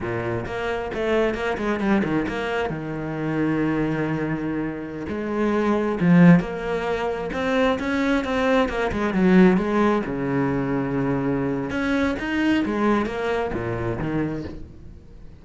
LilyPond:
\new Staff \with { instrumentName = "cello" } { \time 4/4 \tempo 4 = 133 ais,4 ais4 a4 ais8 gis8 | g8 dis8 ais4 dis2~ | dis2.~ dis16 gis8.~ | gis4~ gis16 f4 ais4.~ ais16~ |
ais16 c'4 cis'4 c'4 ais8 gis16~ | gis16 fis4 gis4 cis4.~ cis16~ | cis2 cis'4 dis'4 | gis4 ais4 ais,4 dis4 | }